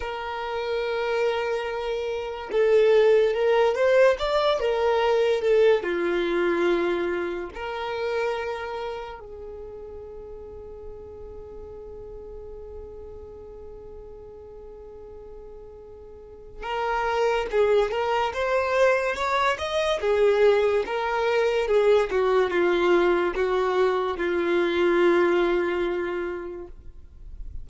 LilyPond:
\new Staff \with { instrumentName = "violin" } { \time 4/4 \tempo 4 = 72 ais'2. a'4 | ais'8 c''8 d''8 ais'4 a'8 f'4~ | f'4 ais'2 gis'4~ | gis'1~ |
gis'1 | ais'4 gis'8 ais'8 c''4 cis''8 dis''8 | gis'4 ais'4 gis'8 fis'8 f'4 | fis'4 f'2. | }